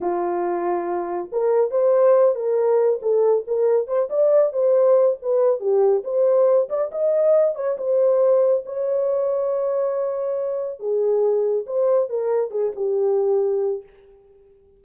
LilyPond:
\new Staff \with { instrumentName = "horn" } { \time 4/4 \tempo 4 = 139 f'2. ais'4 | c''4. ais'4. a'4 | ais'4 c''8 d''4 c''4. | b'4 g'4 c''4. d''8 |
dis''4. cis''8 c''2 | cis''1~ | cis''4 gis'2 c''4 | ais'4 gis'8 g'2~ g'8 | }